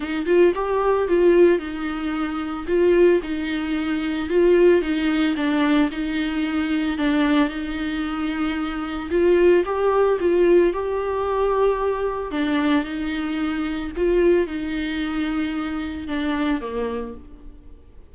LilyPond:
\new Staff \with { instrumentName = "viola" } { \time 4/4 \tempo 4 = 112 dis'8 f'8 g'4 f'4 dis'4~ | dis'4 f'4 dis'2 | f'4 dis'4 d'4 dis'4~ | dis'4 d'4 dis'2~ |
dis'4 f'4 g'4 f'4 | g'2. d'4 | dis'2 f'4 dis'4~ | dis'2 d'4 ais4 | }